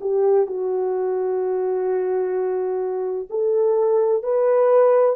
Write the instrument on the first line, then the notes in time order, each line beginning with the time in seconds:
horn
0.00 G4
0.46 F#4
3.30 A4
4.23 B4